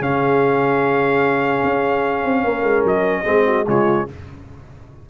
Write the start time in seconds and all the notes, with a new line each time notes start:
0.00 C#3 C#4 G#4 F5
1.64 C#4
2.25 C4
2.44 A#3 A#4
2.63 G#3
2.84 F#3 D#5
3.23 G#3 C4 G#4
3.47 F#4
3.67 C#3 G#3 F4 C#5